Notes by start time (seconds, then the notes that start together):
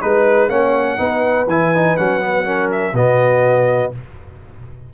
0.00 G#3 D#4 B4
0.49 A#3 C#4 C#5 F#5
0.97 B3 D#4 B4
1.47 E3 E4 G#5
1.75 D#4
1.97 F#3 C#4 F#5
2.20 B3
2.44 C#4 A#4
2.71 E5
2.93 B2 B3 F#4 D#5